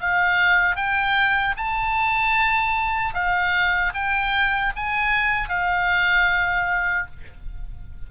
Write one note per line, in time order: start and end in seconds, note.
0.00 0.76 F5
0.76 1.55 G5
1.56 3.14 A5
3.14 3.93 F5
3.94 4.73 G5
4.75 5.48 G#5
5.48 7.06 F5